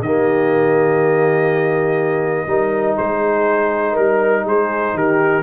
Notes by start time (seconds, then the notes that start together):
0.00 D#3 A#3 G4 D#5
2.46 G3 D#4 A#4
2.97 G#3 G#4 C5
3.92 G3 A#4
4.44 G#3 G#4 C5
4.94 D#3 G4 A#4